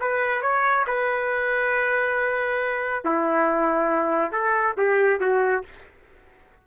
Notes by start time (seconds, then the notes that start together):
0.00 B4
0.42 C#5
0.87 B4
3.05 E4
4.32 A4
4.77 G4
5.20 F#4